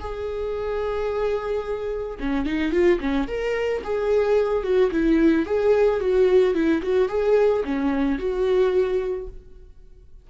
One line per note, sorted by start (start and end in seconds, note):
0.00 2.18 G#4
2.20 2.46 C#4
2.46 2.73 D#4
2.73 3.00 F4
3.00 3.28 C#4
3.28 3.83 A#4
3.84 4.64 G#4
4.64 4.91 F#4
4.92 5.46 E4
5.46 6.00 G#4
6.00 6.55 F#4
6.55 6.82 E4
6.83 7.09 F#4
7.09 7.64 G#4
7.65 8.19 C#4
8.19 9.28 F#4